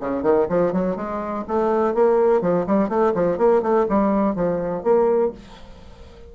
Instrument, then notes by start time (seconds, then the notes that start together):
bassoon
0.00 C#3
0.22 D#3
0.49 F3
0.72 F#3
0.96 G#3
1.47 A3
1.94 A#3
2.41 F3
2.66 G3
2.89 A3
3.14 F3
3.38 A#3
3.62 A3
3.89 G3
4.35 F3
4.83 A#3